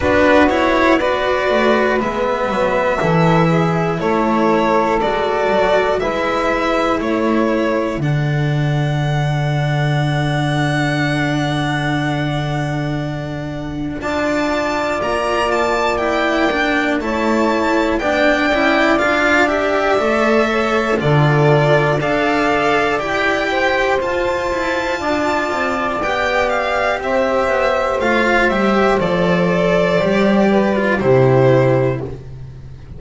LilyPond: <<
  \new Staff \with { instrumentName = "violin" } { \time 4/4 \tempo 4 = 60 b'8 cis''8 d''4 e''2 | cis''4 d''4 e''4 cis''4 | fis''1~ | fis''2 a''4 ais''8 a''8 |
g''4 a''4 g''4 f''8 e''8~ | e''4 d''4 f''4 g''4 | a''2 g''8 f''8 e''4 | f''8 e''8 d''2 c''4 | }
  \new Staff \with { instrumentName = "saxophone" } { \time 4/4 fis'4 b'2 a'8 gis'8 | a'2 b'4 a'4~ | a'1~ | a'2 d''2~ |
d''4 cis''4 d''2~ | d''8 cis''8 a'4 d''4. c''8~ | c''4 d''2 c''4~ | c''2~ c''8 b'8 g'4 | }
  \new Staff \with { instrumentName = "cello" } { \time 4/4 d'8 e'8 fis'4 b4 e'4~ | e'4 fis'4 e'2 | d'1~ | d'2 f'2 |
e'8 d'8 e'4 d'8 e'8 f'8 g'8 | a'4 f'4 a'4 g'4 | f'2 g'2 | f'8 g'8 a'4 g'8. f'16 e'4 | }
  \new Staff \with { instrumentName = "double bass" } { \time 4/4 b4. a8 gis8 fis8 e4 | a4 gis8 fis8 gis4 a4 | d1~ | d2 d'4 ais4~ |
ais4 a4 b8 cis'8 d'4 | a4 d4 d'4 e'4 | f'8 e'8 d'8 c'8 b4 c'8 b8 | a8 g8 f4 g4 c4 | }
>>